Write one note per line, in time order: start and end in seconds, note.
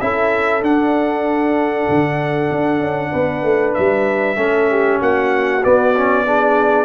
0.00 0.61 C#4
0.00 0.61 E4
0.00 3.11 A4
0.00 0.62 E5
0.61 4.36 D4
0.61 1.86 D4
0.61 3.73 F#5
1.89 2.50 D3
2.50 2.79 D4
2.79 3.11 C#4
3.11 3.43 B3
3.11 4.36 B4
3.43 3.74 A3
3.73 4.36 G3
3.73 4.98 E5
4.36 4.98 A3
4.36 5.61 C#4
4.36 4.70 A4
4.70 5.00 G4
5.00 5.63 A#3
5.00 6.25 F#4
5.00 5.64 F#5
5.63 5.94 B3
5.63 6.85 B3
5.63 6.85 D5
5.94 6.26 C#4
6.26 6.85 D4
6.26 6.85 G#4